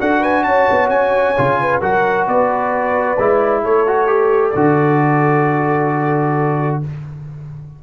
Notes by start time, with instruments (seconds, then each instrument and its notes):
0.00 tuba D4, trombone F#4, horn A4, trumpet F#5
0.21 horn B4, trumpet G#5
0.44 tuba C#4, horn C#5, trumpet A5
0.71 tuba B3
0.90 tuba C#4, trumpet G#5
1.37 tuba C#3, trombone F4
1.61 horn B4
1.81 tuba F#3, trombone F#4, horn A#4, trumpet F#5
2.27 tuba B3, horn B4, trumpet D5
3.18 tuba G#3, trombone E4
3.64 tuba A3, horn A4, trumpet C#5
3.87 trombone F#4
4.08 trombone G4
4.51 tuba D3, trombone F#4, trumpet D5